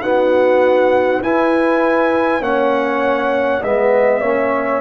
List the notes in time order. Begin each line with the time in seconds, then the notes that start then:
0.00 B3 D#4 F#4 F#5
1.21 E4 B4 G#5
2.40 A#3 C#4 C#5 F#5
3.61 G#3 B3 D#5 E5
4.21 A#3 C#4 C#5